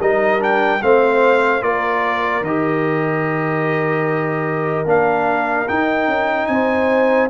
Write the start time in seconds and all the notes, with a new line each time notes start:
0.00 G3 D#4 A#4 D#5
0.39 D4 G5
0.83 A3 C4 C5 F5
1.61 A#3 F4 A#4 D5
2.42 D#3 G4 D#5
4.86 A#3 D4 F5
5.69 D#4 G5
6.08 C#4
6.47 C4 C5 G#5